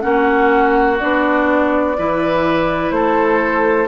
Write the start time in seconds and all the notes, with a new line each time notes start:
0.00 A#3 C#4 F#4 F#5
0.99 B3 D4 D5
1.97 E3 E4 B4
2.91 A3 A4 C5